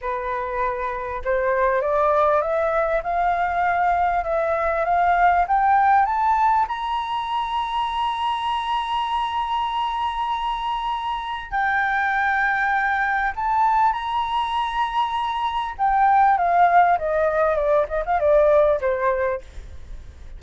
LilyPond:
\new Staff \with { instrumentName = "flute" } { \time 4/4 \tempo 4 = 99 b'2 c''4 d''4 | e''4 f''2 e''4 | f''4 g''4 a''4 ais''4~ | ais''1~ |
ais''2. g''4~ | g''2 a''4 ais''4~ | ais''2 g''4 f''4 | dis''4 d''8 dis''16 f''16 d''4 c''4 | }